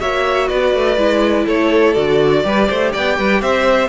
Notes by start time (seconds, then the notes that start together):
0.00 A#3 F#4 C#5 E5
0.48 B3 B4 D5
0.74 A3
0.97 G#3 E4
1.45 A3 A4 C#5
1.93 D3 F#4 D5
2.43 G3 G4 B4
2.68 A3 C5
2.92 B3 D5 G5
3.17 G3 B4
3.41 C4 C5 E5